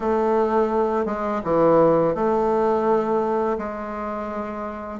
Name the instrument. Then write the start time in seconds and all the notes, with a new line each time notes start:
bassoon
0.00 A3
1.05 G#3
1.44 E3
2.14 A3
3.57 G#3